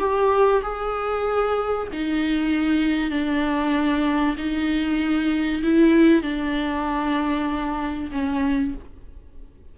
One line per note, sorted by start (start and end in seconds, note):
0.00 0.62 G4
0.63 1.88 G#4
1.93 3.11 D#4
3.11 4.36 D4
4.38 5.62 D#4
5.63 6.23 E4
6.23 8.10 D4
8.12 8.75 C#4